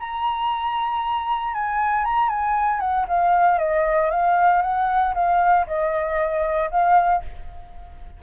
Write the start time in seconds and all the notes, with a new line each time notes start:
0.00 A#5
1.54 G#5
2.05 A#5
2.29 G#5
2.80 F#5
3.08 F5
3.59 D#5
4.11 F5
4.63 F#5
5.15 F5
5.67 D#5
6.71 F5